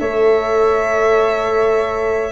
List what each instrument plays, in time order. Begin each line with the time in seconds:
0.00 tuba A3, horn A4, flute C#5, violin E5